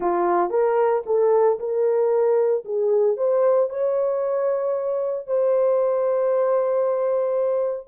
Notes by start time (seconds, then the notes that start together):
0.00 F4
0.50 A#4
1.06 A4
1.59 A#4
2.65 G#4
3.17 C5
3.69 C#5
5.27 C5